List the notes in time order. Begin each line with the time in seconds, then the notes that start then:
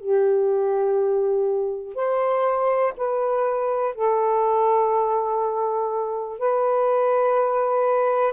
0.00 G4
1.95 C5
2.97 B4
3.95 A4
6.38 B4